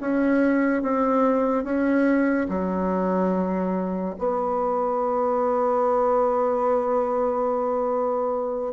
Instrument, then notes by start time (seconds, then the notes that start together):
bassoon
0.00 C#4
0.82 C4
1.64 C#4
2.48 F#3
4.18 B3